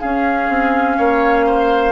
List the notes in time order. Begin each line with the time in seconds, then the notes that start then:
0.00 C#4 G#4 F5
0.49 C4
0.97 A#3 C#5
1.46 C5